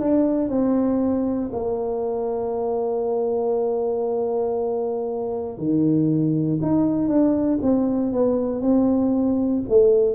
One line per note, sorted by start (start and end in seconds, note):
0.00 0.49 D4
0.49 1.50 C4
1.53 5.58 A#3
5.58 6.60 D#3
6.62 7.09 D#4
7.09 7.59 D4
7.62 8.13 C4
8.13 8.61 B3
8.61 9.63 C4
9.69 10.15 A3